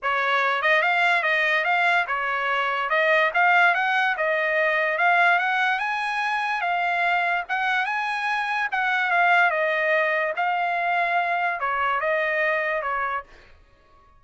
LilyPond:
\new Staff \with { instrumentName = "trumpet" } { \time 4/4 \tempo 4 = 145 cis''4. dis''8 f''4 dis''4 | f''4 cis''2 dis''4 | f''4 fis''4 dis''2 | f''4 fis''4 gis''2 |
f''2 fis''4 gis''4~ | gis''4 fis''4 f''4 dis''4~ | dis''4 f''2. | cis''4 dis''2 cis''4 | }